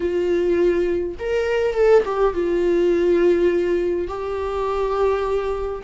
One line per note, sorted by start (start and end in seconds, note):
0.00 1.16 F4
1.19 1.74 A#4
1.74 2.03 A4
2.05 2.34 G4
2.34 4.07 F4
4.07 5.82 G4